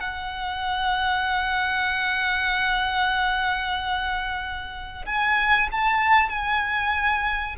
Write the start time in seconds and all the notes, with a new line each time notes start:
0.00 F#5
5.06 G#5
5.72 A5
6.30 G#5